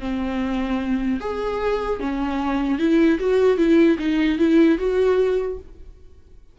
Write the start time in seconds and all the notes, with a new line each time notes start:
0.00 C4
1.21 G#4
2.00 C#4
2.79 E4
3.20 F#4
3.58 E4
3.99 D#4
4.39 E4
4.79 F#4